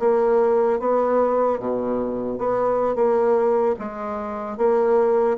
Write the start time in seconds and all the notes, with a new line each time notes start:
0.00 A#3
0.80 B3
1.60 B2
2.39 B3
2.96 A#3
3.79 G#3
4.58 A#3